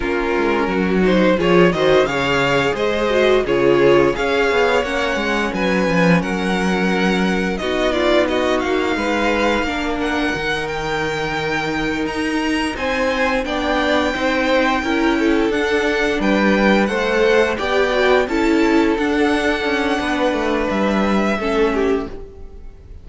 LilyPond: <<
  \new Staff \with { instrumentName = "violin" } { \time 4/4 \tempo 4 = 87 ais'4. c''8 cis''8 dis''8 f''4 | dis''4 cis''4 f''4 fis''4 | gis''4 fis''2 dis''8 d''8 | dis''8 f''2 fis''4 g''8~ |
g''4. ais''4 gis''4 g''8~ | g''2~ g''8 fis''4 g''8~ | g''8 fis''4 g''4 a''4 fis''8~ | fis''2 e''2 | }
  \new Staff \with { instrumentName = "violin" } { \time 4/4 f'4 fis'4 gis'8 c''8 cis''4 | c''4 gis'4 cis''2 | b'4 ais'2 fis'8 f'8 | fis'4 b'4 ais'2~ |
ais'2~ ais'8 c''4 d''8~ | d''8 c''4 ais'8 a'4. b'8~ | b'8 c''4 d''4 a'4.~ | a'4 b'2 a'8 g'8 | }
  \new Staff \with { instrumentName = "viola" } { \time 4/4 cis'4. dis'8 f'8 fis'8 gis'4~ | gis'8 fis'8 f'4 gis'4 cis'4~ | cis'2. dis'4~ | dis'2 d'4 dis'4~ |
dis'2.~ dis'8 d'8~ | d'8 dis'4 e'4 d'4.~ | d'8 a'4 g'8 fis'8 e'4 d'8~ | d'2. cis'4 | }
  \new Staff \with { instrumentName = "cello" } { \time 4/4 ais8 gis8 fis4 f8 dis8 cis4 | gis4 cis4 cis'8 b8 ais8 gis8 | fis8 f8 fis2 b4~ | b8 ais8 gis4 ais4 dis4~ |
dis4. dis'4 c'4 b8~ | b8 c'4 cis'4 d'4 g8~ | g8 a4 b4 cis'4 d'8~ | d'8 cis'8 b8 a8 g4 a4 | }
>>